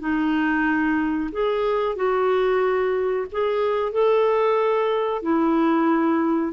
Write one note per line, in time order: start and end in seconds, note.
0.00 1.30 D#4
1.32 1.96 G#4
1.96 3.26 F#4
3.32 3.92 G#4
3.92 5.22 A4
5.22 6.52 E4